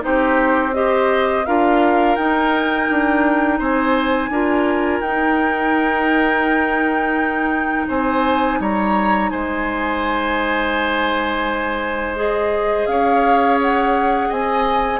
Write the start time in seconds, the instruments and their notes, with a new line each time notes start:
0.00 bassoon C4, clarinet D#4, oboe G4, flute C5
0.73 clarinet G4, oboe C5, flute D#5
1.45 bassoon D4, clarinet F4, oboe A#4, flute F5
2.16 bassoon D#4, clarinet D#4, flute G5
2.90 bassoon D4
3.58 bassoon C4, oboe C5, flute G#5
4.29 bassoon D4, clarinet F4, oboe A#4
5.00 bassoon D#4, clarinet D#4, flute G5
7.87 bassoon C4, oboe C5, flute G#5
8.60 bassoon G3, oboe C#5, flute A#5
9.30 bassoon G#3, oboe C5, flute G#5
12.16 clarinet G#4, flute D#5
12.86 bassoon C#4, oboe C#5, flute F5
13.61 flute F#5
14.28 bassoon C4, oboe D#5, flute G#5